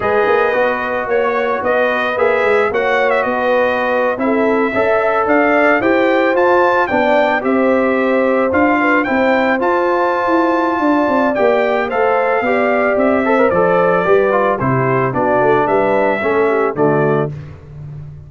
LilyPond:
<<
  \new Staff \with { instrumentName = "trumpet" } { \time 4/4 \tempo 4 = 111 dis''2 cis''4 dis''4 | e''4 fis''8. e''16 dis''4.~ dis''16 e''16~ | e''4.~ e''16 f''4 g''4 a''16~ | a''8. g''4 e''2 f''16~ |
f''8. g''4 a''2~ a''16~ | a''4 g''4 f''2 | e''4 d''2 c''4 | d''4 e''2 d''4 | }
  \new Staff \with { instrumentName = "horn" } { \time 4/4 b'2 cis''4 b'4~ | b'4 cis''4 b'4.~ b'16 a'16~ | a'8. e''4 d''4 c''4~ c''16~ | c''8. d''4 c''2~ c''16~ |
c''16 b'8 c''2.~ c''16 | d''2 c''4 d''4~ | d''8 c''4. b'4 g'4 | fis'4 b'4 a'8 g'8 fis'4 | }
  \new Staff \with { instrumentName = "trombone" } { \time 4/4 gis'4 fis'2. | gis'4 fis'2~ fis'8. e'16~ | e'8. a'2 g'4 f'16~ | f'8. d'4 g'2 f'16~ |
f'8. e'4 f'2~ f'16~ | f'4 g'4 a'4 g'4~ | g'8 a'16 ais'16 a'4 g'8 f'8 e'4 | d'2 cis'4 a4 | }
  \new Staff \with { instrumentName = "tuba" } { \time 4/4 gis8 ais8 b4 ais4 b4 | ais8 gis8 ais4 b4.~ b16 c'16~ | c'8. cis'4 d'4 e'4 f'16~ | f'8. b4 c'2 d'16~ |
d'8. c'4 f'4~ f'16 e'4 | d'8 c'8 ais4 a4 b4 | c'4 f4 g4 c4 | b8 a8 g4 a4 d4 | }
>>